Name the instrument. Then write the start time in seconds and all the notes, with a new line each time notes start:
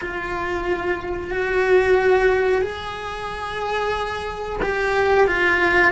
cello
0.01 F4
1.30 F#4
2.61 G#4
4.62 G4
5.27 F4